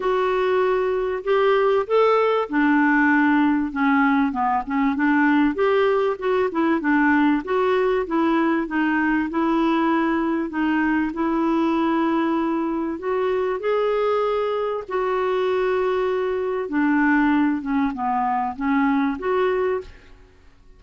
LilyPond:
\new Staff \with { instrumentName = "clarinet" } { \time 4/4 \tempo 4 = 97 fis'2 g'4 a'4 | d'2 cis'4 b8 cis'8 | d'4 g'4 fis'8 e'8 d'4 | fis'4 e'4 dis'4 e'4~ |
e'4 dis'4 e'2~ | e'4 fis'4 gis'2 | fis'2. d'4~ | d'8 cis'8 b4 cis'4 fis'4 | }